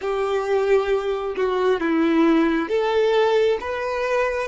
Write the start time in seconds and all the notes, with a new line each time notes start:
0.01 G4
1.36 F#4
1.80 E4
2.69 A4
3.60 B4